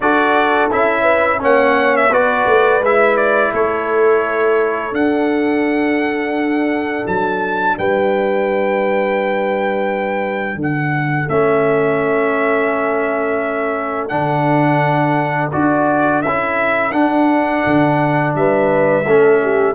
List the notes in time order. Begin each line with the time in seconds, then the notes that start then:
0.00 D4 F#4 A4 D5
0.70 C#4 E4 E5
1.01 B4
1.39 A#3 C#4 C#5 F#5
1.96 E5
2.10 B3 F#4 B4 D5
2.46 A3
2.80 G#3 E4 E5
3.16 D5
3.52 A3 A4 C#5
4.91 D4 F#5
7.06 F#3 A5
7.77 G3 B4 G5
10.55 D3 A4
10.61 F#5
11.28 A3 C#4 E5
14.08 D3 D4 F#5
15.51 D4 F#4 D5
16.22 C#4 E4 E5
16.91 D4 F#5
17.66 D3
18.35 G3 B4 E5
19.06 A3 C#4 A4
19.41 G4